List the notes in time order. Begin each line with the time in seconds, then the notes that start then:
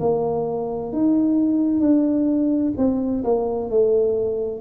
0.00 A#3
0.92 D#4
1.80 D4
2.77 C4
3.23 A#3
3.70 A3